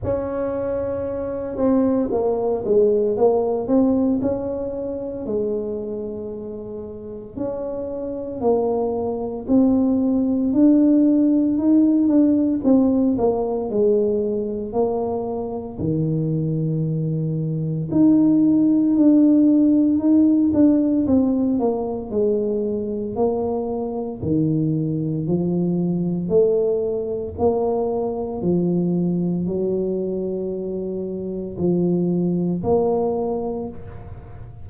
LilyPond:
\new Staff \with { instrumentName = "tuba" } { \time 4/4 \tempo 4 = 57 cis'4. c'8 ais8 gis8 ais8 c'8 | cis'4 gis2 cis'4 | ais4 c'4 d'4 dis'8 d'8 | c'8 ais8 gis4 ais4 dis4~ |
dis4 dis'4 d'4 dis'8 d'8 | c'8 ais8 gis4 ais4 dis4 | f4 a4 ais4 f4 | fis2 f4 ais4 | }